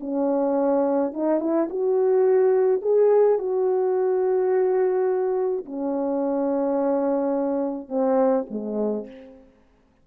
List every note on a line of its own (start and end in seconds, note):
0.00 1.13 C#4
1.13 1.40 D#4
1.40 1.68 E4
1.70 2.81 F#4
2.81 3.38 G#4
3.38 5.65 F#4
5.65 7.88 C#4
7.88 8.45 C4
8.50 9.06 G#3